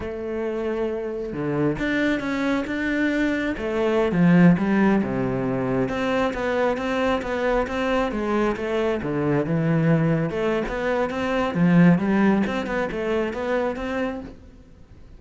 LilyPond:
\new Staff \with { instrumentName = "cello" } { \time 4/4 \tempo 4 = 135 a2. d4 | d'4 cis'4 d'2 | a4~ a16 f4 g4 c8.~ | c4~ c16 c'4 b4 c'8.~ |
c'16 b4 c'4 gis4 a8.~ | a16 d4 e2 a8. | b4 c'4 f4 g4 | c'8 b8 a4 b4 c'4 | }